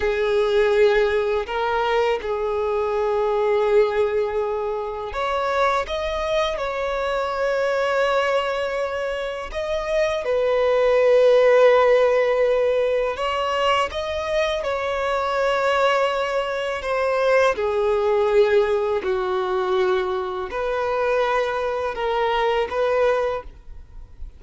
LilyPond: \new Staff \with { instrumentName = "violin" } { \time 4/4 \tempo 4 = 82 gis'2 ais'4 gis'4~ | gis'2. cis''4 | dis''4 cis''2.~ | cis''4 dis''4 b'2~ |
b'2 cis''4 dis''4 | cis''2. c''4 | gis'2 fis'2 | b'2 ais'4 b'4 | }